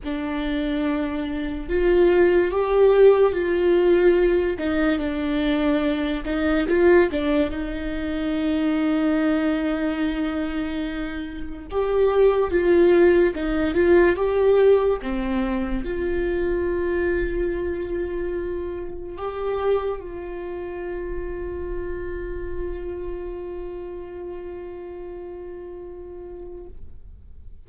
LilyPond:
\new Staff \with { instrumentName = "viola" } { \time 4/4 \tempo 4 = 72 d'2 f'4 g'4 | f'4. dis'8 d'4. dis'8 | f'8 d'8 dis'2.~ | dis'2 g'4 f'4 |
dis'8 f'8 g'4 c'4 f'4~ | f'2. g'4 | f'1~ | f'1 | }